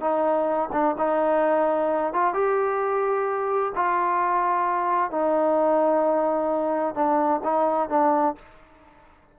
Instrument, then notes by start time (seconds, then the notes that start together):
trombone
0.00 D#4
0.72 D4
0.98 D#4
2.13 F4
2.34 G4
3.75 F4
5.11 D#4
6.95 D4
7.43 D#4
7.89 D4